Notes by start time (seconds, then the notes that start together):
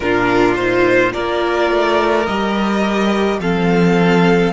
0.00 A#2 D4 F4 A#4
0.55 D#4 C5
1.11 A#3 F4 A#4 D5
1.71 A3
2.26 G3 G4 D#5
3.39 F3 C4 A4 F5